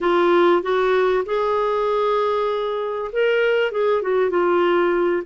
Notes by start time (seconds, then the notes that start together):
0.01 F4
0.62 F#4
1.25 G#4
3.12 A#4
3.71 G#4
4.02 F#4
4.30 F4